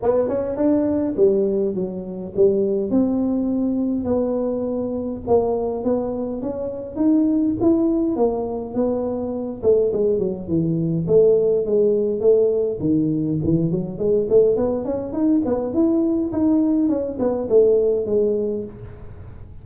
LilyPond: \new Staff \with { instrumentName = "tuba" } { \time 4/4 \tempo 4 = 103 b8 cis'8 d'4 g4 fis4 | g4 c'2 b4~ | b4 ais4 b4 cis'4 | dis'4 e'4 ais4 b4~ |
b8 a8 gis8 fis8 e4 a4 | gis4 a4 dis4 e8 fis8 | gis8 a8 b8 cis'8 dis'8 b8 e'4 | dis'4 cis'8 b8 a4 gis4 | }